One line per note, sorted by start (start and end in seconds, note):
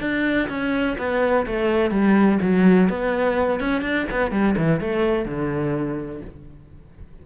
0.00 0.48 D4
0.49 0.97 C#4
0.98 1.46 B3
1.46 1.91 A3
1.91 2.39 G3
2.42 2.89 F#3
2.89 3.60 B3
3.60 3.82 C#4
3.82 4.06 D4
4.11 4.31 B3
4.31 4.55 G3
4.57 4.80 E3
4.80 5.25 A3
5.25 6.21 D3